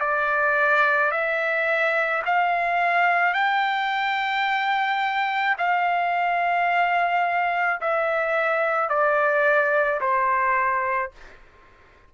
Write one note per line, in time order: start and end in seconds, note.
0.00 1.11 D5
1.12 2.23 E5
2.26 3.34 F5
3.34 5.56 G5
5.58 7.80 F5
7.81 8.89 E5
8.89 10.01 D5
10.01 11.12 C5